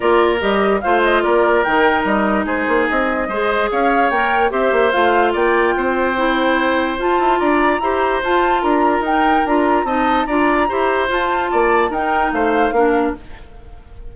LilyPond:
<<
  \new Staff \with { instrumentName = "flute" } { \time 4/4 \tempo 4 = 146 d''4 dis''4 f''8 dis''8 d''4 | g''4 dis''4 c''4 dis''4~ | dis''4 f''4 g''4 e''4 | f''4 g''2.~ |
g''4 a''4 ais''2 | a''4 ais''4 g''4 ais''4 | a''4 ais''2 a''4~ | a''4 g''4 f''2 | }
  \new Staff \with { instrumentName = "oboe" } { \time 4/4 ais'2 c''4 ais'4~ | ais'2 gis'2 | c''4 cis''2 c''4~ | c''4 d''4 c''2~ |
c''2 d''4 c''4~ | c''4 ais'2. | dis''4 d''4 c''2 | d''4 ais'4 c''4 ais'4 | }
  \new Staff \with { instrumentName = "clarinet" } { \time 4/4 f'4 g'4 f'2 | dis'1 | gis'2 ais'4 g'4 | f'2. e'4~ |
e'4 f'2 g'4 | f'2 dis'4 f'4 | dis'4 f'4 g'4 f'4~ | f'4 dis'2 d'4 | }
  \new Staff \with { instrumentName = "bassoon" } { \time 4/4 ais4 g4 a4 ais4 | dis4 g4 gis8 ais8 c'4 | gis4 cis'4 ais4 c'8 ais8 | a4 ais4 c'2~ |
c'4 f'8 e'8 d'4 e'4 | f'4 d'4 dis'4 d'4 | c'4 d'4 e'4 f'4 | ais4 dis'4 a4 ais4 | }
>>